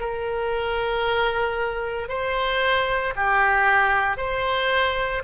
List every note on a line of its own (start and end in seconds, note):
0.00 2.09 A#4
2.09 3.14 C5
3.16 4.18 G4
4.18 5.23 C5